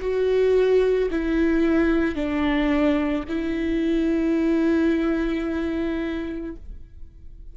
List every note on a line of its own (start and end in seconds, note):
0.00 1.09 F#4
1.11 2.15 E4
2.15 3.24 D4
3.28 6.55 E4